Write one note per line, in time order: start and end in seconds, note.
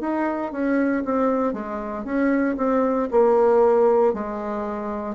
0.00 0.51 D#4
0.51 1.03 C#4
1.04 1.53 C4
1.53 2.04 G#3
2.04 2.56 C#4
2.57 3.08 C4
3.11 4.13 A#3
4.13 5.15 G#3